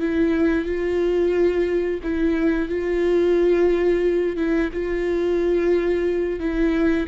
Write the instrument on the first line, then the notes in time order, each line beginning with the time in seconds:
viola
0.00 E4
0.66 F4
2.03 E4
2.69 F4
4.37 E4
4.73 F4
6.40 E4